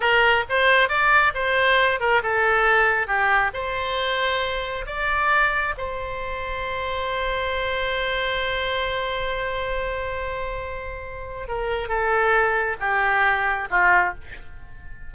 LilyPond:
\new Staff \with { instrumentName = "oboe" } { \time 4/4 \tempo 4 = 136 ais'4 c''4 d''4 c''4~ | c''8 ais'8 a'2 g'4 | c''2. d''4~ | d''4 c''2.~ |
c''1~ | c''1~ | c''2 ais'4 a'4~ | a'4 g'2 f'4 | }